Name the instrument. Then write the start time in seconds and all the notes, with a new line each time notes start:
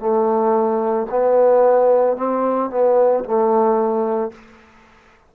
trombone
0.00 A3
1.11 B3
2.17 C4
2.71 B3
3.25 A3